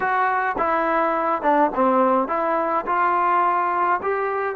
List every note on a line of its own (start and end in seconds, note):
0.00 0.56 F#4
0.57 1.42 E4
1.42 1.70 D4
1.74 2.28 C4
2.28 2.85 E4
2.86 4.00 F4
4.02 4.55 G4